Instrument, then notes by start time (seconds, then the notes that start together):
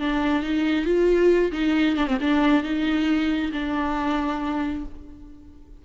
viola
0.00 D4
0.43 D#4
0.85 F4
1.52 D#4
1.96 D4
2.07 C4
2.21 D4
2.64 D#4
3.53 D4